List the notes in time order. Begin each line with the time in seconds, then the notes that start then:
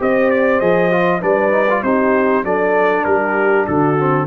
0.00 C4 G4 C5 D#5
0.31 D5
0.60 F3 G#4 D#5
0.92 F4
1.21 G3 D4 B4 D5
1.51 D#4
1.70 F4
1.83 C4 D#4 G4 C5
2.44 F#3 D4 A4 D5
3.05 G3 G4 A#4
3.67 D3 F#4 A4
3.98 C4